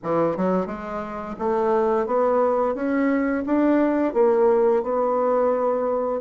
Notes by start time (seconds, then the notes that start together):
0.03 E3
0.36 F#3
0.66 G#3
1.38 A3
2.06 B3
2.75 C#4
3.46 D4
4.13 A#3
4.82 B3